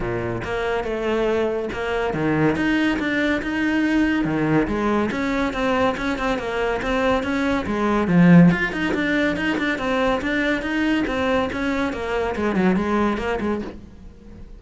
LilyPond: \new Staff \with { instrumentName = "cello" } { \time 4/4 \tempo 4 = 141 ais,4 ais4 a2 | ais4 dis4 dis'4 d'4 | dis'2 dis4 gis4 | cis'4 c'4 cis'8 c'8 ais4 |
c'4 cis'4 gis4 f4 | f'8 dis'8 d'4 dis'8 d'8 c'4 | d'4 dis'4 c'4 cis'4 | ais4 gis8 fis8 gis4 ais8 gis8 | }